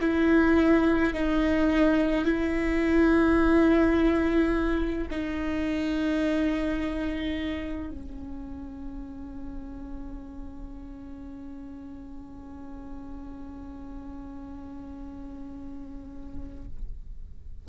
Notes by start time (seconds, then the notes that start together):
0.00 E4
1.13 D#4
2.25 E4
5.10 D#4
7.90 C#4